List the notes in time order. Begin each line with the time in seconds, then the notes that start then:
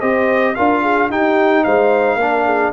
0.00 C4 G4 C5 D#5
0.55 D4 F4 A#4 F5
0.82 G#4
1.10 D#4 G4 G5
1.64 G#3 C5 F5
2.15 A#3 D4 A#4
2.45 G#4